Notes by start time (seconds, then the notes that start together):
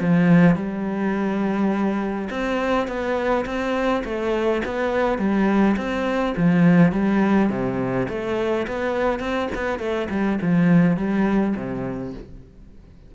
0.00 F3
0.55 G3
2.30 C4
2.87 B3
3.45 C4
4.04 A3
4.65 B3
5.18 G3
5.77 C4
6.36 F3
6.92 G3
7.49 C3
8.09 A3
8.67 B3
9.20 C4
9.54 B3
9.79 A3
10.10 G3
10.41 F3
10.97 G3
11.56 C3